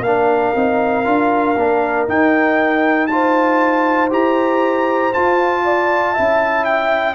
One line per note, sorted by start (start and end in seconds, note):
0.00 0.51 A#3
0.00 0.56 D4
0.00 2.06 F5
0.07 3.12 A#4
0.55 1.06 C4
0.55 1.04 D#4
1.04 1.57 D4
1.04 1.55 F4
1.57 2.08 A#3
1.57 2.08 D4
2.08 3.09 D#4
2.08 4.11 D#4
2.08 3.07 G5
3.07 4.10 F4
3.07 5.65 C5
3.07 4.09 A5
4.10 5.13 E4
4.10 5.12 G4
4.10 5.13 A#5
5.13 6.16 F4
5.13 6.17 F4
5.13 6.65 A5
5.65 6.13 D5
6.13 7.14 C#4
6.13 7.14 E4
6.13 7.14 E5
6.65 7.14 G5